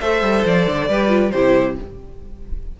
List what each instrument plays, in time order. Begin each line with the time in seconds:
0.00 cello A3, viola A4, violin C5 E5
0.22 cello G3
0.45 cello F3, violin D5
0.67 cello D3
0.88 cello G3, viola G4, violin B4
1.08 viola F4
1.31 cello C3, viola E4, violin G4 C5